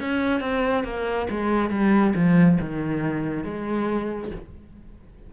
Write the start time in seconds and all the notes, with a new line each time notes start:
0.00 C#4
0.41 C4
0.84 A#3
1.30 G#3
1.70 G3
2.15 F3
2.61 D#3
3.44 G#3